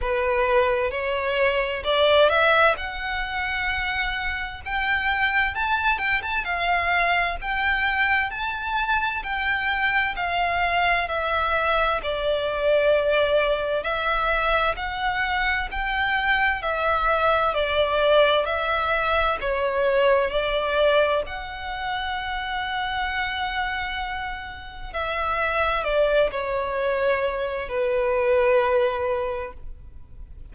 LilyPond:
\new Staff \with { instrumentName = "violin" } { \time 4/4 \tempo 4 = 65 b'4 cis''4 d''8 e''8 fis''4~ | fis''4 g''4 a''8 g''16 a''16 f''4 | g''4 a''4 g''4 f''4 | e''4 d''2 e''4 |
fis''4 g''4 e''4 d''4 | e''4 cis''4 d''4 fis''4~ | fis''2. e''4 | d''8 cis''4. b'2 | }